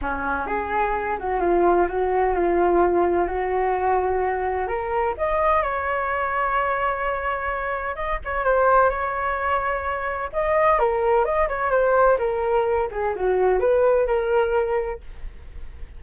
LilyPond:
\new Staff \with { instrumentName = "flute" } { \time 4/4 \tempo 4 = 128 cis'4 gis'4. fis'8 f'4 | fis'4 f'2 fis'4~ | fis'2 ais'4 dis''4 | cis''1~ |
cis''4 dis''8 cis''8 c''4 cis''4~ | cis''2 dis''4 ais'4 | dis''8 cis''8 c''4 ais'4. gis'8 | fis'4 b'4 ais'2 | }